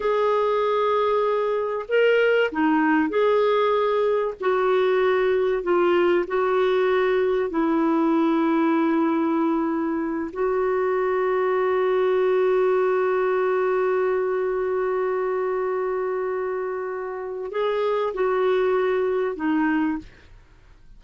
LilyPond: \new Staff \with { instrumentName = "clarinet" } { \time 4/4 \tempo 4 = 96 gis'2. ais'4 | dis'4 gis'2 fis'4~ | fis'4 f'4 fis'2 | e'1~ |
e'8 fis'2.~ fis'8~ | fis'1~ | fis'1 | gis'4 fis'2 dis'4 | }